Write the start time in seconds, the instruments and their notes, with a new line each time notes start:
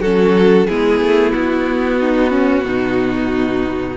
0.00 cello F#3, viola C#4, violin F#4 A4
0.68 cello G#3, viola B3, violin E4 G#4
1.01 cello A3
1.32 cello B3, violin F#4
2.00 violin D#4
2.31 violin C#4
2.65 cello B2, violin D#4